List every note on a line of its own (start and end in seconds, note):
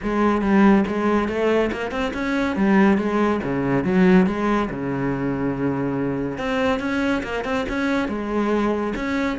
0.03 0.41 G#3
0.41 0.84 G3
0.87 1.28 G#3
1.28 1.71 A3
1.72 1.91 A#3
1.91 2.12 C4
2.13 2.56 C#4
2.56 2.97 G3
2.97 3.40 G#3
3.43 3.84 C#3
3.84 4.26 F#3
4.26 4.69 G#3
4.70 6.38 C#3
6.38 6.79 C4
6.79 7.22 C#4
7.23 7.44 A#3
7.44 7.65 C4
7.68 8.08 C#4
8.08 8.93 G#3
8.95 9.38 C#4